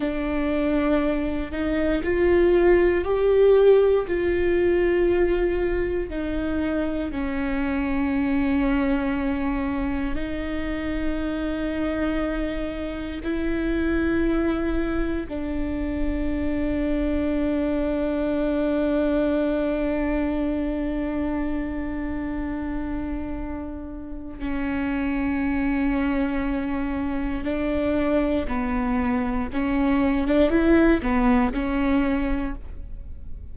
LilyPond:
\new Staff \with { instrumentName = "viola" } { \time 4/4 \tempo 4 = 59 d'4. dis'8 f'4 g'4 | f'2 dis'4 cis'4~ | cis'2 dis'2~ | dis'4 e'2 d'4~ |
d'1~ | d'1 | cis'2. d'4 | b4 cis'8. d'16 e'8 b8 cis'4 | }